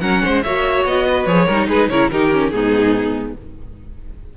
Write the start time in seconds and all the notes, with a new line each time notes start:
0.00 F#3 C#4 A#4 F#5
0.23 G#3 C5
0.43 A#3 F#4 C#5 E5
0.84 B3 D#5
1.08 B4
1.26 F3 G#4 C#5
1.46 G3 D#4 A#4
1.68 G#3 G#4 B4
1.89 C#3 E4 A#4 C#5
2.10 D#3 D#4 G4 A#4
2.32 C#4
2.50 G#2 B3 D#4 G#4